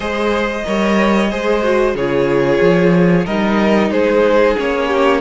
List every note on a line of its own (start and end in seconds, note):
0.00 0.63 G#3
0.00 0.63 G#4
0.00 0.65 C5
0.00 1.93 D#5
0.65 1.32 G3
0.65 1.30 A#4
0.65 1.30 C#5
1.30 1.95 G#3
1.30 1.63 G#4
1.30 1.95 C5
1.63 1.95 F#4
1.95 2.60 C#3
1.95 3.26 F4
1.95 3.25 G#4
1.95 3.26 C#5
2.61 3.26 F3
3.25 3.90 G3
3.25 4.56 D#4
3.25 3.90 A#4
3.25 3.91 D#5
3.90 4.55 G#3
3.90 4.87 G#4
3.90 4.56 C5
4.56 5.21 A#3
4.56 5.21 C#4
4.56 5.21 C#5
4.87 5.20 G4